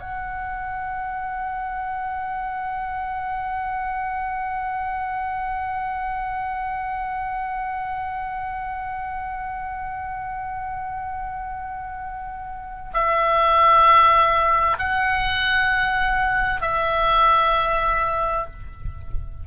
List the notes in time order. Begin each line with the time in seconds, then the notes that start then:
0.00 F#5
12.94 E5
14.79 F#5
16.61 E5